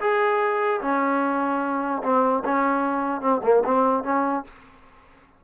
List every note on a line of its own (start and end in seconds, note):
0.00 0.81 G#4
0.81 2.02 C#4
2.03 2.43 C4
2.45 3.21 C#4
3.21 3.41 C4
3.43 3.63 A#3
3.64 4.04 C4
4.04 4.44 C#4